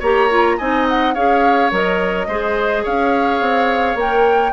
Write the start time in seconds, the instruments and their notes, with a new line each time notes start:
0.00 bassoon A#3, clarinet G4, oboe C#5, flute A#5
0.30 clarinet F4
0.58 bassoon C4, clarinet D#4, oboe D#5, flute G#5
0.88 flute F#5
1.14 bassoon C#4, clarinet G#4, oboe C#5, flute F5
1.71 bassoon F#3, clarinet A#4, flute D#5
2.27 bassoon G#3, clarinet G#4, oboe C5
2.83 bassoon C#4, oboe C#5, flute F5
3.41 bassoon C4
3.95 bassoon A#3, clarinet A#4, flute G5